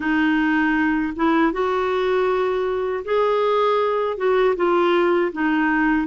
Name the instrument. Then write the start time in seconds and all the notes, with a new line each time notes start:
clarinet
0.00 D#4
1.16 E4
1.52 F#4
3.04 G#4
4.17 F#4
4.56 F4
5.32 D#4